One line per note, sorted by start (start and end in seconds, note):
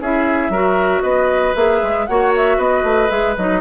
0.00 0.49 C#4
0.00 0.53 E4
0.00 0.52 G#4
0.00 1.02 E5
0.49 1.01 F#3
0.49 1.55 F#4
0.49 1.02 A#4
1.02 1.54 B3
1.02 2.06 B4
1.02 1.54 D#5
1.55 1.81 A#3
1.55 2.07 G#4
1.55 2.06 E5
1.82 2.08 G#3
2.06 2.58 A#3
2.06 3.09 F#4
2.06 2.57 C#5
2.06 2.32 F#5
2.36 2.60 E5
2.57 2.83 B3
2.57 3.61 B4
2.57 3.10 D#5
2.83 3.09 A3
3.09 3.36 G#3
3.09 3.35 G#4
3.09 3.36 E5
3.36 3.61 F#3
3.36 3.61 D#4
3.36 3.61 D#5